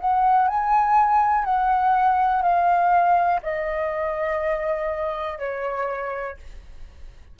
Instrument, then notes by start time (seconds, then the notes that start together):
flute
0.00 F#5
0.48 G#5
1.45 F#5
2.42 F5
3.42 D#5
5.39 C#5